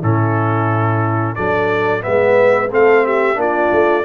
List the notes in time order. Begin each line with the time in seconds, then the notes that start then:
0.00 A2 C#4 E4 A4
1.35 F#3 D4 A4 D5
2.01 G#3 B3 B4 E5
2.71 A3 C4 A4 F5
3.04 G4 E5
3.35 A#3 D4 F4
3.41 D5
3.72 A3